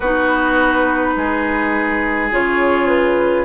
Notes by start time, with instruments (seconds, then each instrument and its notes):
0.00 bassoon B3, clarinet D#4, oboe F#4, flute B4
1.16 bassoon G#3, oboe G#4
2.31 bassoon C#3, clarinet F4, flute C#5
2.87 flute B4